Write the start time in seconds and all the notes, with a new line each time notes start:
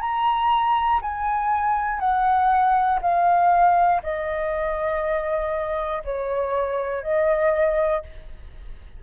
0.00 A#5
1.02 G#5
2.00 F#5
3.02 F5
4.02 D#5
6.05 C#5
7.02 D#5